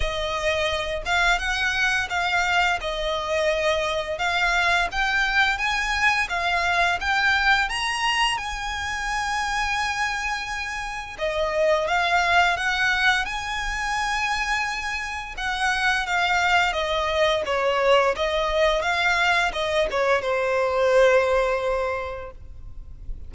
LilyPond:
\new Staff \with { instrumentName = "violin" } { \time 4/4 \tempo 4 = 86 dis''4. f''8 fis''4 f''4 | dis''2 f''4 g''4 | gis''4 f''4 g''4 ais''4 | gis''1 |
dis''4 f''4 fis''4 gis''4~ | gis''2 fis''4 f''4 | dis''4 cis''4 dis''4 f''4 | dis''8 cis''8 c''2. | }